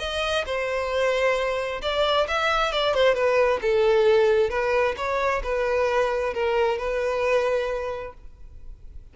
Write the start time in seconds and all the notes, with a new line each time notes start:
0.00 D#5
0.46 C5
1.83 D5
2.28 E5
2.73 D5
2.94 C5
3.15 B4
3.62 A4
4.50 B4
4.97 C#5
5.44 B4
6.34 A#4
6.79 B4